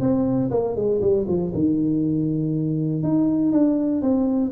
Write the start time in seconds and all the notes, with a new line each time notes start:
0.00 C4
0.50 A#3
0.76 G#3
1.01 G3
1.27 F3
1.54 D#3
3.03 D#4
3.52 D4
4.01 C4